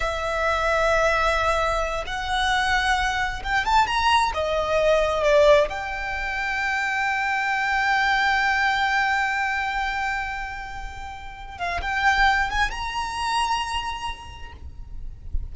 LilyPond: \new Staff \with { instrumentName = "violin" } { \time 4/4 \tempo 4 = 132 e''1~ | e''8 fis''2. g''8 | a''8 ais''4 dis''2 d''8~ | d''8 g''2.~ g''8~ |
g''1~ | g''1~ | g''4. f''8 g''4. gis''8 | ais''1 | }